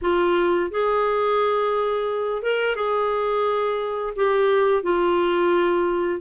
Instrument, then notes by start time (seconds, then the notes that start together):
clarinet
0.01 F4
0.71 G#4
2.42 A#4
2.75 G#4
4.15 G4
4.82 F4